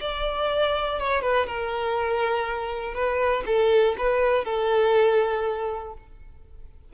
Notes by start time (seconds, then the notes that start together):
0.00 D5
0.99 C#5
1.21 B4
1.47 A#4
2.94 B4
3.46 A4
3.97 B4
4.44 A4